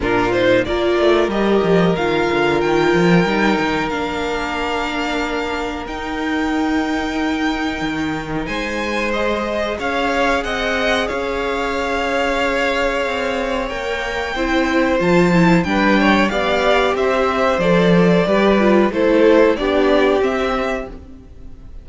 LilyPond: <<
  \new Staff \with { instrumentName = "violin" } { \time 4/4 \tempo 4 = 92 ais'8 c''8 d''4 dis''4 f''4 | g''2 f''2~ | f''4 g''2.~ | g''4 gis''4 dis''4 f''4 |
fis''4 f''2.~ | f''4 g''2 a''4 | g''4 f''4 e''4 d''4~ | d''4 c''4 d''4 e''4 | }
  \new Staff \with { instrumentName = "violin" } { \time 4/4 f'4 ais'2.~ | ais'1~ | ais'1~ | ais'4 c''2 cis''4 |
dis''4 cis''2.~ | cis''2 c''2 | b'8 cis''8 d''4 c''2 | b'4 a'4 g'2 | }
  \new Staff \with { instrumentName = "viola" } { \time 4/4 d'8 dis'8 f'4 g'4 f'4~ | f'4 dis'4 d'2~ | d'4 dis'2.~ | dis'2 gis'2~ |
gis'1~ | gis'4 ais'4 e'4 f'8 e'8 | d'4 g'2 a'4 | g'8 f'8 e'4 d'4 c'4 | }
  \new Staff \with { instrumentName = "cello" } { \time 4/4 ais,4 ais8 a8 g8 f8 dis8 d8 | dis8 f8 g8 dis8 ais2~ | ais4 dis'2. | dis4 gis2 cis'4 |
c'4 cis'2. | c'4 ais4 c'4 f4 | g4 b4 c'4 f4 | g4 a4 b4 c'4 | }
>>